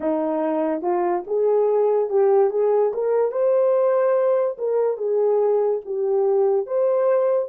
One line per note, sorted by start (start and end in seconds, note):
0.00 0.81 D#4
0.81 1.23 F4
1.27 2.09 G#4
2.09 2.50 G4
2.50 2.92 G#4
2.93 3.31 A#4
3.31 4.56 C5
4.58 4.97 A#4
4.97 5.80 G#4
5.85 6.66 G4
6.66 7.48 C5